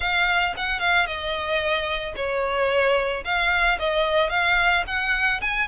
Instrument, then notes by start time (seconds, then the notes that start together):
violin
0.00 F5
0.57 F#5
0.79 F5
1.06 D#5
2.16 C#5
3.24 F5
3.79 D#5
4.29 F5
4.86 F#5
5.41 G#5